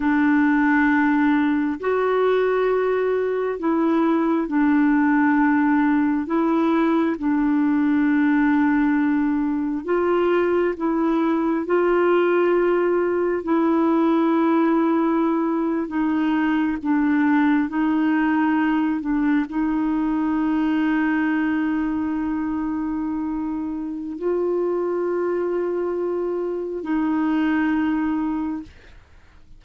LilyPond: \new Staff \with { instrumentName = "clarinet" } { \time 4/4 \tempo 4 = 67 d'2 fis'2 | e'4 d'2 e'4 | d'2. f'4 | e'4 f'2 e'4~ |
e'4.~ e'16 dis'4 d'4 dis'16~ | dis'4~ dis'16 d'8 dis'2~ dis'16~ | dis'2. f'4~ | f'2 dis'2 | }